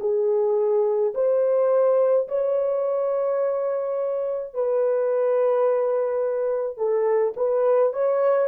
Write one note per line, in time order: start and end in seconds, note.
0.00 1.13 G#4
1.14 2.27 C5
2.28 4.54 C#5
4.54 6.77 B4
6.77 7.33 A4
7.36 7.93 B4
7.93 8.48 C#5